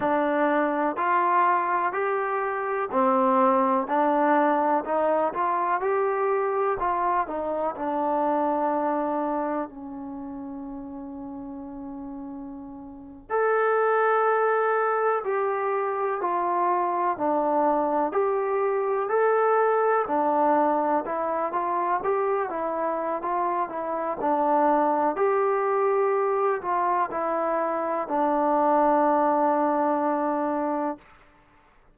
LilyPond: \new Staff \with { instrumentName = "trombone" } { \time 4/4 \tempo 4 = 62 d'4 f'4 g'4 c'4 | d'4 dis'8 f'8 g'4 f'8 dis'8 | d'2 cis'2~ | cis'4.~ cis'16 a'2 g'16~ |
g'8. f'4 d'4 g'4 a'16~ | a'8. d'4 e'8 f'8 g'8 e'8. | f'8 e'8 d'4 g'4. f'8 | e'4 d'2. | }